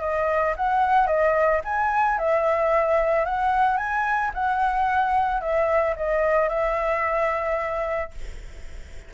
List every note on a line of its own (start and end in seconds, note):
0.00 0.54 D#5
0.56 1.06 F#5
1.06 1.60 D#5
1.64 2.18 G#5
2.18 3.25 E5
3.25 3.77 F#5
3.77 4.31 G#5
4.33 5.40 F#5
5.40 5.94 E5
5.96 6.48 D#5
6.48 8.11 E5